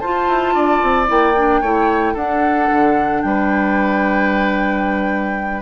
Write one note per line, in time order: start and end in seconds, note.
0.00 0.28 F4
0.00 1.07 F4
0.00 0.55 C5
0.00 1.07 A5
0.28 0.55 E4
0.55 0.82 D4
0.55 1.61 D5
0.82 1.09 C4
1.07 1.62 A#3
1.07 1.33 E4
1.07 2.16 G5
1.36 1.63 D4
1.61 2.15 A3
1.61 2.16 E4
1.61 2.14 C#5
2.14 2.68 D4
2.14 5.62 D4
2.14 3.21 A4
2.14 3.22 F#5
2.72 3.24 D3
3.22 5.62 G3
3.22 5.62 B4
3.22 5.62 G5